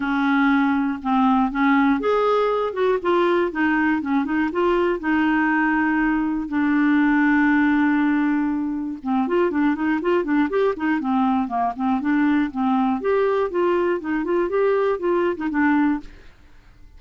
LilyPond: \new Staff \with { instrumentName = "clarinet" } { \time 4/4 \tempo 4 = 120 cis'2 c'4 cis'4 | gis'4. fis'8 f'4 dis'4 | cis'8 dis'8 f'4 dis'2~ | dis'4 d'2.~ |
d'2 c'8 f'8 d'8 dis'8 | f'8 d'8 g'8 dis'8 c'4 ais8 c'8 | d'4 c'4 g'4 f'4 | dis'8 f'8 g'4 f'8. dis'16 d'4 | }